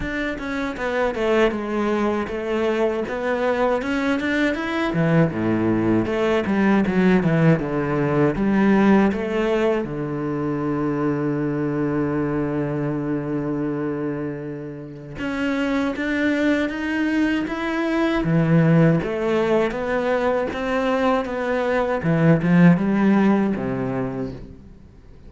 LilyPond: \new Staff \with { instrumentName = "cello" } { \time 4/4 \tempo 4 = 79 d'8 cis'8 b8 a8 gis4 a4 | b4 cis'8 d'8 e'8 e8 a,4 | a8 g8 fis8 e8 d4 g4 | a4 d2.~ |
d1 | cis'4 d'4 dis'4 e'4 | e4 a4 b4 c'4 | b4 e8 f8 g4 c4 | }